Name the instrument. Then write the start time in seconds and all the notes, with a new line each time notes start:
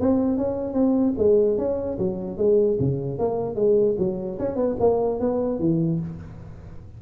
tuba
0.00 C4
0.37 C#4
0.73 C4
1.18 G#3
1.58 C#4
1.98 F#3
2.37 G#3
2.79 C#3
3.18 A#3
3.55 G#3
3.98 F#3
4.39 C#4
4.56 B3
4.80 A#3
5.19 B3
5.59 E3